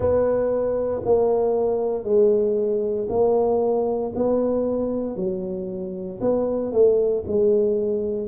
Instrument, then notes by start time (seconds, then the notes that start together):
tuba
0.00 B3
1.04 A#3
2.04 G#3
3.09 A#3
4.15 B3
5.16 F#3
6.21 B3
6.72 A3
7.27 G#3